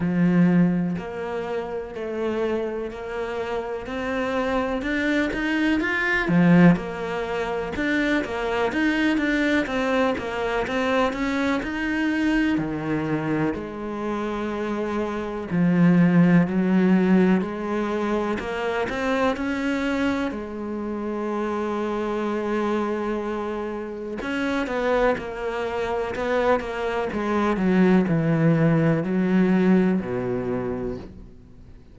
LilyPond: \new Staff \with { instrumentName = "cello" } { \time 4/4 \tempo 4 = 62 f4 ais4 a4 ais4 | c'4 d'8 dis'8 f'8 f8 ais4 | d'8 ais8 dis'8 d'8 c'8 ais8 c'8 cis'8 | dis'4 dis4 gis2 |
f4 fis4 gis4 ais8 c'8 | cis'4 gis2.~ | gis4 cis'8 b8 ais4 b8 ais8 | gis8 fis8 e4 fis4 b,4 | }